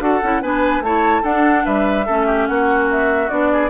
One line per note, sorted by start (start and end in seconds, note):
0.00 0.21 D4
0.00 0.21 F#4
0.00 0.42 A4
0.00 0.42 F#5
0.23 0.42 C#4
0.23 0.43 E4
0.42 0.80 B3
0.42 0.84 D4
0.42 0.83 B4
0.42 0.83 G#5
0.80 1.21 A3
0.80 1.24 E4
0.80 1.22 C#5
0.80 1.24 A5
1.22 2.06 D4
1.22 1.65 D4
1.22 1.63 A4
1.22 1.65 F#5
1.66 2.08 G3
1.66 2.06 B4
1.66 2.47 E5
2.06 2.49 A3
2.06 3.30 C#4
2.06 2.27 A4
2.27 2.47 G4
2.47 3.31 A#3
2.47 3.53 F#4
2.47 2.88 F#5
2.91 3.29 E5
3.29 3.70 B3
3.29 3.70 D4
3.29 3.70 D5
3.53 3.70 G#4